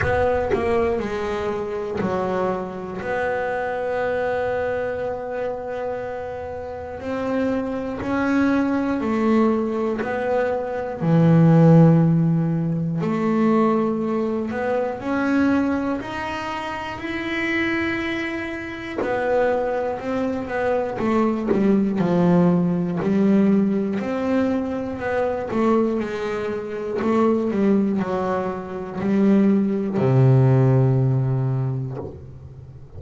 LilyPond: \new Staff \with { instrumentName = "double bass" } { \time 4/4 \tempo 4 = 60 b8 ais8 gis4 fis4 b4~ | b2. c'4 | cis'4 a4 b4 e4~ | e4 a4. b8 cis'4 |
dis'4 e'2 b4 | c'8 b8 a8 g8 f4 g4 | c'4 b8 a8 gis4 a8 g8 | fis4 g4 c2 | }